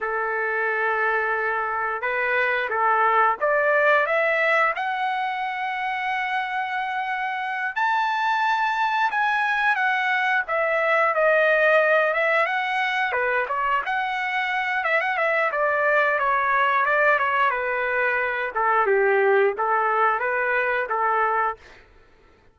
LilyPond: \new Staff \with { instrumentName = "trumpet" } { \time 4/4 \tempo 4 = 89 a'2. b'4 | a'4 d''4 e''4 fis''4~ | fis''2.~ fis''8 a''8~ | a''4. gis''4 fis''4 e''8~ |
e''8 dis''4. e''8 fis''4 b'8 | cis''8 fis''4. e''16 fis''16 e''8 d''4 | cis''4 d''8 cis''8 b'4. a'8 | g'4 a'4 b'4 a'4 | }